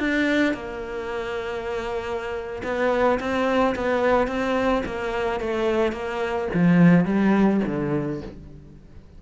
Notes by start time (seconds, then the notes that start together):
0.00 D4
0.54 A#3
2.64 B3
3.20 C4
3.76 B3
4.28 C4
4.86 A#3
5.41 A3
5.93 A#3
6.54 F3
7.06 G3
7.67 D3